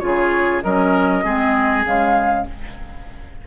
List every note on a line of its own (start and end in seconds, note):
0.00 0.64 C#3
0.00 0.62 F4
0.00 0.61 C#5
0.06 0.64 G#4
0.63 1.24 F#3
0.63 1.24 C#4
0.63 1.25 A#4
0.63 1.86 D#5
1.24 1.85 G#3
1.24 1.85 C4
1.24 2.47 G#4
1.85 2.47 C#3
1.85 2.46 G#3
1.85 2.48 F5